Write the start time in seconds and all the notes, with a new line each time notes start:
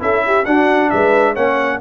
0.00 C#4 E4 A4 E5
0.27 G4
0.46 D4 F#4 F#5
0.90 G#3 B4 E5
1.33 A#3 C#4 C#5 F#5